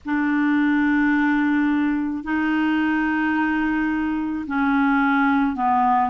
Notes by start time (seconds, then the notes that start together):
0.05 D4
2.23 D#4
4.46 C#4
5.55 B3